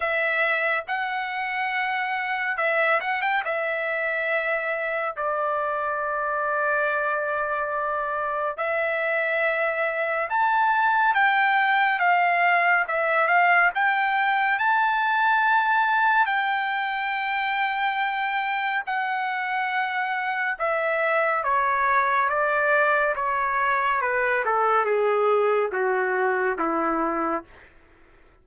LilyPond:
\new Staff \with { instrumentName = "trumpet" } { \time 4/4 \tempo 4 = 70 e''4 fis''2 e''8 fis''16 g''16 | e''2 d''2~ | d''2 e''2 | a''4 g''4 f''4 e''8 f''8 |
g''4 a''2 g''4~ | g''2 fis''2 | e''4 cis''4 d''4 cis''4 | b'8 a'8 gis'4 fis'4 e'4 | }